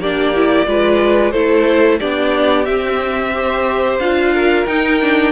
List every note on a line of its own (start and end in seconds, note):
0.00 0.67 A#3
0.00 0.35 D4
0.00 0.68 G4
0.00 1.32 D5
0.35 0.66 E4
0.66 1.34 G#3
0.66 1.33 F4
0.66 1.33 B4
1.32 2.00 A3
1.32 2.01 E4
1.32 1.99 A4
1.32 1.98 C5
2.00 2.67 B3
2.00 2.66 D4
2.00 3.33 G4
2.00 2.66 D5
2.66 3.32 C4
2.66 3.99 C4
2.66 3.99 E5
3.34 4.01 G4
3.34 4.34 C5
3.99 4.65 D4
3.99 4.67 F4
3.99 4.66 F5
4.34 5.33 A#4
4.66 5.33 D#4
4.66 5.00 D#4
4.66 5.33 G5
5.01 5.33 D4